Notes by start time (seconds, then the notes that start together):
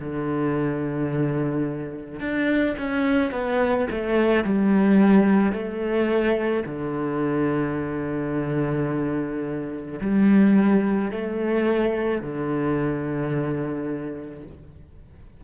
0.00 D3
2.21 D4
2.78 C#4
3.32 B3
3.91 A3
4.44 G3
5.53 A3
6.67 D3
10.01 G3
11.12 A3
12.22 D3